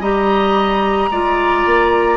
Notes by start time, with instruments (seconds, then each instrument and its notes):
0.00 bassoon G3, clarinet G4, oboe D#5, flute A#5
1.11 bassoon G#3, clarinet F4, oboe D5
1.66 bassoon A#3